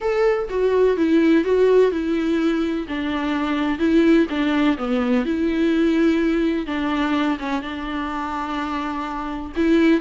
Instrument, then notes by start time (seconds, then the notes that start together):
viola
0.01 A4
0.49 F#4
0.96 E4
1.44 F#4
1.91 E4
2.88 D4
3.78 E4
4.29 D4
4.77 B3
5.25 E4
6.66 D4
7.39 C#4
7.62 D4
9.56 E4